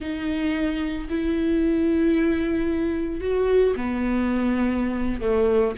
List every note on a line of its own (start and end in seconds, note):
0.00 1.08 D#4
1.09 3.20 E4
3.20 3.74 F#4
3.76 5.21 B3
5.21 5.75 A3